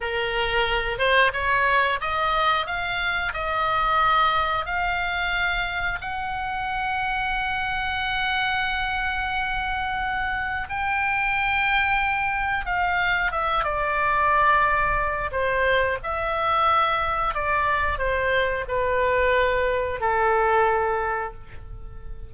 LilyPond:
\new Staff \with { instrumentName = "oboe" } { \time 4/4 \tempo 4 = 90 ais'4. c''8 cis''4 dis''4 | f''4 dis''2 f''4~ | f''4 fis''2.~ | fis''1 |
g''2. f''4 | e''8 d''2~ d''8 c''4 | e''2 d''4 c''4 | b'2 a'2 | }